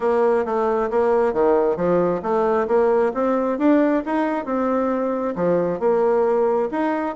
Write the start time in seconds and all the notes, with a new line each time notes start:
0.00 A#3
0.45 A3
0.90 A#3
1.33 D#3
1.76 F3
2.22 A3
2.67 A#3
3.13 C4
3.58 D4
4.05 D#4
4.45 C4
5.35 F3
5.79 A#3
6.71 D#4